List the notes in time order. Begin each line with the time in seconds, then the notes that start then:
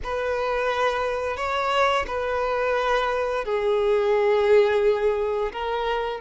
0.03 B4
1.36 C#5
2.07 B4
3.45 G#4
5.52 A#4